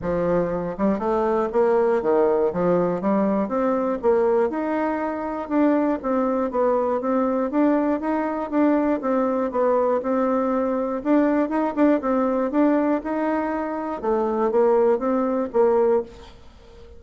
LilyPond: \new Staff \with { instrumentName = "bassoon" } { \time 4/4 \tempo 4 = 120 f4. g8 a4 ais4 | dis4 f4 g4 c'4 | ais4 dis'2 d'4 | c'4 b4 c'4 d'4 |
dis'4 d'4 c'4 b4 | c'2 d'4 dis'8 d'8 | c'4 d'4 dis'2 | a4 ais4 c'4 ais4 | }